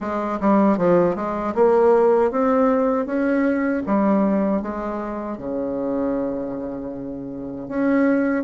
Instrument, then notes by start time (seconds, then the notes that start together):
bassoon
0.00 G#3
0.40 G3
0.77 F3
1.15 G#3
1.54 A#3
2.31 C4
3.06 C#4
3.86 G3
4.62 G#3
5.37 C#3
7.68 C#4